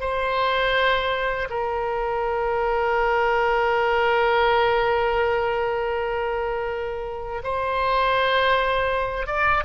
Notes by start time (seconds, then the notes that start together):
0.00 C5
1.49 A#4
7.43 C5
9.27 D5